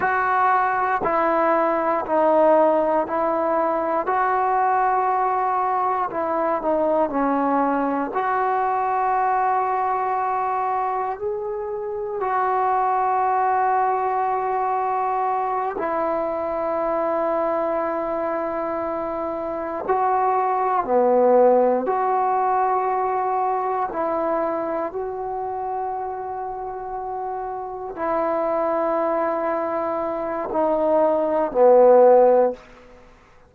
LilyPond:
\new Staff \with { instrumentName = "trombone" } { \time 4/4 \tempo 4 = 59 fis'4 e'4 dis'4 e'4 | fis'2 e'8 dis'8 cis'4 | fis'2. gis'4 | fis'2.~ fis'8 e'8~ |
e'2.~ e'8 fis'8~ | fis'8 b4 fis'2 e'8~ | e'8 fis'2. e'8~ | e'2 dis'4 b4 | }